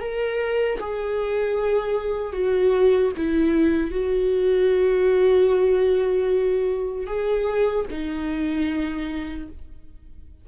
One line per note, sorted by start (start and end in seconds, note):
0.00 0.79 A#4
0.80 2.33 G#4
2.33 3.12 F#4
3.17 3.91 E4
3.91 7.07 F#4
7.07 7.86 G#4
7.91 9.48 D#4